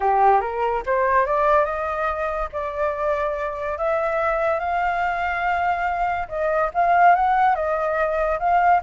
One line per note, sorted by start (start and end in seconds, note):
0.00 0.40 G4
0.40 0.82 A#4
0.86 1.26 C5
1.26 1.65 D5
1.65 2.49 D#5
2.52 3.78 D5
3.78 4.59 E5
4.59 6.27 F5
6.28 6.70 D#5
6.74 7.15 F5
7.15 7.55 F#5
7.55 8.39 D#5
8.39 8.81 F5